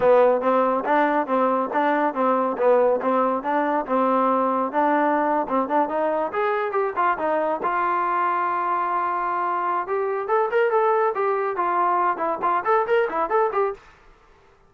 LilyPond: \new Staff \with { instrumentName = "trombone" } { \time 4/4 \tempo 4 = 140 b4 c'4 d'4 c'4 | d'4 c'4 b4 c'4 | d'4 c'2 d'4~ | d'8. c'8 d'8 dis'4 gis'4 g'16~ |
g'16 f'8 dis'4 f'2~ f'16~ | f'2. g'4 | a'8 ais'8 a'4 g'4 f'4~ | f'8 e'8 f'8 a'8 ais'8 e'8 a'8 g'8 | }